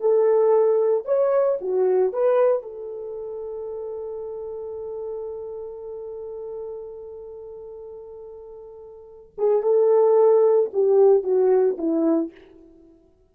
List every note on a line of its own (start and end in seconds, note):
0.00 1.05 A4
1.05 1.59 C#5
1.61 2.13 F#4
2.13 2.63 B4
2.63 9.32 A4
9.38 9.63 G#4
9.63 10.70 A4
10.73 11.23 G4
11.23 11.77 F#4
11.78 12.31 E4